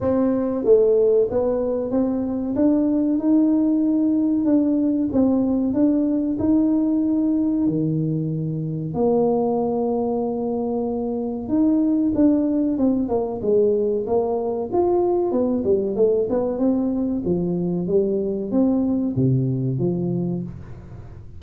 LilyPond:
\new Staff \with { instrumentName = "tuba" } { \time 4/4 \tempo 4 = 94 c'4 a4 b4 c'4 | d'4 dis'2 d'4 | c'4 d'4 dis'2 | dis2 ais2~ |
ais2 dis'4 d'4 | c'8 ais8 gis4 ais4 f'4 | b8 g8 a8 b8 c'4 f4 | g4 c'4 c4 f4 | }